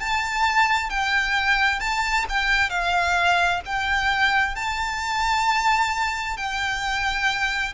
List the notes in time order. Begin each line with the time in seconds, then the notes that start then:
0.00 A5
0.90 G5
1.80 A5
2.29 G5
2.70 F5
3.66 G5
4.55 A5
6.37 G5